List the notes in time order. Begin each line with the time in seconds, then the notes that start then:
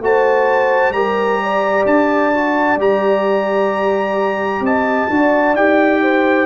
0.00 A3 F#4 C5 A5
0.91 G3 G4 A#4 A#5
1.43 D5
1.85 D4 A5
2.34 F#4
2.77 G3 G4 A#5
4.61 C4 D#5 A5
5.10 D4 F#4 D5
5.54 D#4 G4 G5
6.02 C5